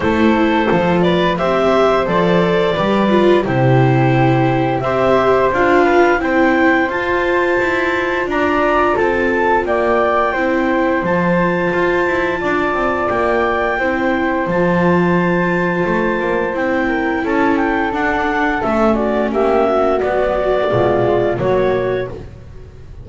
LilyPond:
<<
  \new Staff \with { instrumentName = "clarinet" } { \time 4/4 \tempo 4 = 87 c''4. d''8 e''4 d''4~ | d''4 c''2 e''4 | f''4 g''4 a''2 | ais''4 a''4 g''2 |
a''2. g''4~ | g''4 a''2. | g''4 a''8 g''8 fis''4 e''8 d''8 | e''4 d''2 cis''4 | }
  \new Staff \with { instrumentName = "flute" } { \time 4/4 a'4. b'8 c''2 | b'4 g'2 c''4~ | c''8 b'8 c''2. | d''4 a'4 d''4 c''4~ |
c''2 d''2 | c''1~ | c''8 ais'8 a'2~ a'8 fis'8 | g'8 fis'4. f'4 fis'4 | }
  \new Staff \with { instrumentName = "viola" } { \time 4/4 e'4 f'4 g'4 a'4 | g'8 f'8 e'2 g'4 | f'4 e'4 f'2~ | f'2. e'4 |
f'1 | e'4 f'2. | e'2 d'4 cis'4~ | cis'4 fis4 gis4 ais4 | }
  \new Staff \with { instrumentName = "double bass" } { \time 4/4 a4 f4 c'4 f4 | g4 c2 c'4 | d'4 c'4 f'4 e'4 | d'4 c'4 ais4 c'4 |
f4 f'8 e'8 d'8 c'8 ais4 | c'4 f2 a8 ais8 | c'4 cis'4 d'4 a4 | ais4 b4 b,4 fis4 | }
>>